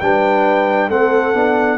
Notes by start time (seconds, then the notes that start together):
0.00 G3 D4 B4 G5
0.89 A3 C4 A4 F#5
1.34 B3 D4